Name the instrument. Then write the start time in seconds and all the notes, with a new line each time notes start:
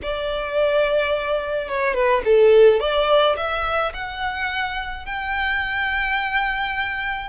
violin
0.02 D5
1.68 C#5
1.93 B4
2.24 A4
2.80 D5
3.36 E5
3.93 F#5
5.05 G5